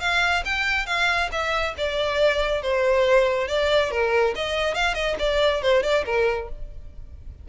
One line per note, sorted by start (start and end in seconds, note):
0.00 0.43 F5
0.45 0.86 G5
0.86 1.29 F5
1.31 1.75 E5
1.77 2.62 D5
2.62 3.48 C5
3.48 3.91 D5
3.91 4.34 A#4
4.35 4.74 D#5
4.74 4.94 F5
4.94 5.16 D#5
5.19 5.62 D5
5.62 5.83 C5
5.83 6.05 D5
6.05 6.48 A#4